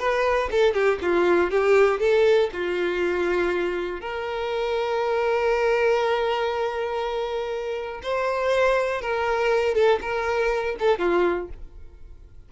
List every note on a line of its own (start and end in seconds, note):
0.00 0.50 B4
0.51 0.74 A4
0.74 0.99 G4
1.02 1.51 F4
1.51 2.00 G4
2.00 2.50 A4
2.53 4.02 F4
4.02 8.02 A#4
8.03 9.02 C5
9.02 9.75 A#4
9.75 10.00 A4
10.02 10.77 A#4
10.80 10.99 A4
10.99 11.49 F4